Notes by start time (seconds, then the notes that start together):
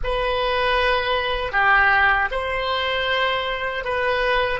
0.03 B4
1.52 G4
2.31 C5
3.84 B4